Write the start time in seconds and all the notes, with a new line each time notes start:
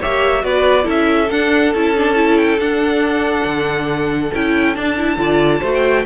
0.00 A#3 G4 C#5 E5
0.41 B3 F#4 B4 D5
0.83 C#4 E4 A4
0.90 E5
1.30 D4 F#5
1.74 C#4 E4 A5
1.96 D4
2.15 E4
2.38 G5
2.59 D4 F#5
3.45 D3
4.35 C#4 E4 G5
4.75 D4 A5
4.98 E4
5.17 D3 F4 D5
5.60 A3 F#4 C5
5.74 G5